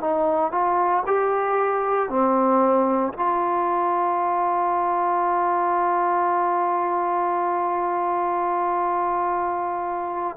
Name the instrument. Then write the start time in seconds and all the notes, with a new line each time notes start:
trombone
0.00 D#4
0.52 F4
1.06 G4
2.09 C4
3.13 F4